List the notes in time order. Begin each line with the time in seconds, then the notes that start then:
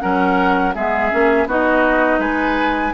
0.00 F#3 C#4 A#4 F#5
0.74 G#3 B3 G#4 E5
1.10 A#3 C#4
1.46 B3 D#4 F#4 D#5
2.19 G#3 B4 G#5